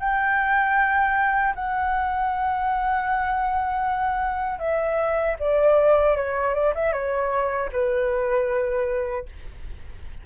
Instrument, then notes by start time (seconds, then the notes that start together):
flute
0.00 G5
1.55 F#5
4.59 E5
5.40 D5
6.16 C#5
6.54 D5
6.75 E5
6.93 C#5
7.72 B4